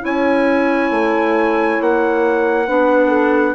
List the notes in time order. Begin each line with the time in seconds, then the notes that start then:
0.00 C#4 E4 C#5 G#5
0.90 A3
1.80 A#3 F#5
2.66 B3 D4 B4
3.08 A4